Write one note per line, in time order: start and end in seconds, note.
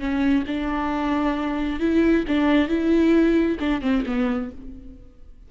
0.00 0.45 C#4
0.48 1.80 D4
1.80 2.25 E4
2.28 2.69 D4
2.69 3.58 E4
3.60 3.82 D4
3.82 4.04 C4
4.06 4.51 B3